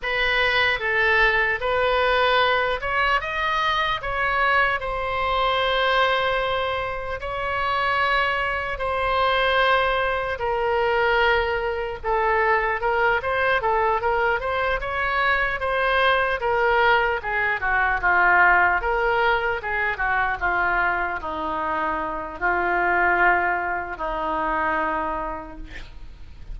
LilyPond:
\new Staff \with { instrumentName = "oboe" } { \time 4/4 \tempo 4 = 75 b'4 a'4 b'4. cis''8 | dis''4 cis''4 c''2~ | c''4 cis''2 c''4~ | c''4 ais'2 a'4 |
ais'8 c''8 a'8 ais'8 c''8 cis''4 c''8~ | c''8 ais'4 gis'8 fis'8 f'4 ais'8~ | ais'8 gis'8 fis'8 f'4 dis'4. | f'2 dis'2 | }